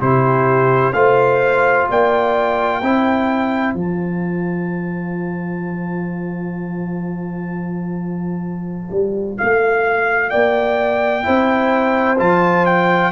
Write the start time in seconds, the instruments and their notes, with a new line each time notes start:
0.00 tuba C3, trombone E4, horn G4, trumpet C5
0.93 tuba A3, trombone F4, horn C5, trumpet F5
1.89 tuba A#3, horn D5, trumpet G5
2.82 tuba C4, trombone E4, horn C5
3.74 tuba F3, trombone F4, trumpet A5
8.91 tuba G3
9.38 tuba A3, trumpet F5
10.30 tuba A#3, horn D5, trumpet G5
11.23 tuba C4, trombone E4, horn C5
12.18 tuba F3, trombone F4, trumpet A5
12.66 trumpet G5